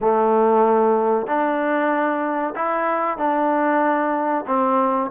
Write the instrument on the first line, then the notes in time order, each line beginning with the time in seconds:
trombone
0.01 A3
1.26 D4
2.55 E4
3.17 D4
4.47 C4